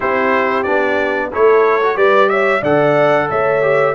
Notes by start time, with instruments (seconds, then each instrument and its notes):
0.00 tuba C4, trombone E4, horn G4, trumpet C5
0.63 tuba B3, trombone D4, trumpet D5
1.32 tuba A3, trombone E4, horn A4, trumpet C#5
1.81 trombone F#4
1.95 tuba G3, trombone G4, horn B4, trumpet D5
2.29 horn C#5, trumpet E5
2.61 tuba D3, trombone A4, horn D5, trumpet F#5
3.29 tuba A3, horn C#5, trumpet E5
3.62 trombone G4